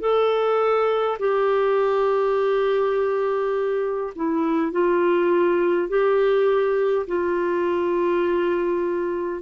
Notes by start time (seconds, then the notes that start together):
0.00 A4
1.19 G4
4.16 E4
4.72 F4
5.89 G4
7.07 F4